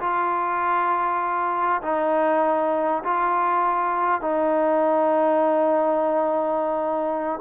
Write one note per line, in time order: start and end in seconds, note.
0.00 1.82 F4
1.82 3.03 D#4
3.04 4.21 F4
4.21 7.40 D#4